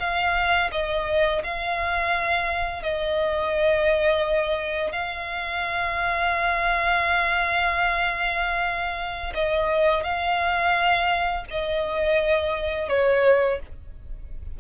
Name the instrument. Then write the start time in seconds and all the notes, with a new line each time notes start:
violin
0.00 F5
0.72 D#5
1.44 F5
2.83 D#5
4.92 F5
9.35 D#5
10.04 F5
11.51 D#5
12.89 C#5